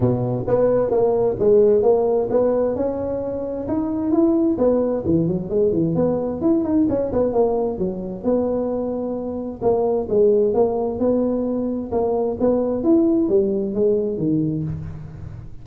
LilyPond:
\new Staff \with { instrumentName = "tuba" } { \time 4/4 \tempo 4 = 131 b,4 b4 ais4 gis4 | ais4 b4 cis'2 | dis'4 e'4 b4 e8 fis8 | gis8 e8 b4 e'8 dis'8 cis'8 b8 |
ais4 fis4 b2~ | b4 ais4 gis4 ais4 | b2 ais4 b4 | e'4 g4 gis4 dis4 | }